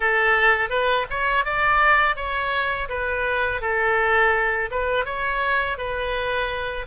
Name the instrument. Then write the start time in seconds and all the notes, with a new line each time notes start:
oboe
0.00 A4
0.69 B4
1.09 C#5
1.45 D5
2.16 C#5
2.88 B4
3.61 A4
4.71 B4
5.05 C#5
5.77 B4